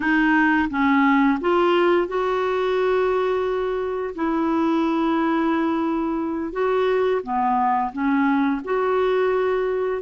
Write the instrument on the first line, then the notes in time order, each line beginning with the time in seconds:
clarinet
0.00 D#4
0.70 C#4
1.40 F4
2.07 F#4
4.15 E4
6.52 F#4
7.22 B3
7.92 C#4
8.64 F#4